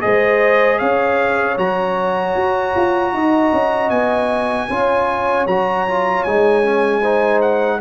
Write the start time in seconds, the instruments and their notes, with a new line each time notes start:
0.00 tuba G#3, trombone G#4, horn C5, trumpet D#5
0.79 tuba C#4, horn C#5, trumpet F5
1.57 tuba F#3, trombone F#4, trumpet A#5
2.35 tuba F#4
2.76 tuba F4
3.13 tuba D#4, horn D#5
3.52 tuba C#4
3.90 tuba B3, trumpet G#5
4.69 tuba C#4, trombone F4, horn C#5
5.46 tuba F#3, trombone F#4, trumpet A#5
5.88 trombone F4
6.23 tuba G#3, trombone D#4, trumpet G#5
6.63 trombone C#4
7.01 trombone D#4, horn C5
7.41 trumpet F#5